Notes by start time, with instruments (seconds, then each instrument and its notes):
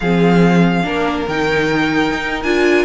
0.00 cello F3, viola C4, violin G#4 F5
0.83 cello A#3, viola D4, violin A#4
1.27 cello D#3, viola D#4, violin G5
2.13 cello D#4
2.42 cello D4, viola F4, violin G#5